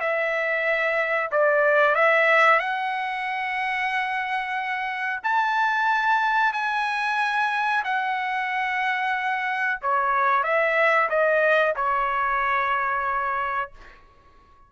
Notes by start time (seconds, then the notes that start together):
0.00 E5
1.32 D5
1.95 E5
2.60 F#5
5.24 A5
6.53 G#5
7.85 F#5
9.82 C#5
10.44 E5
11.10 D#5
11.76 C#5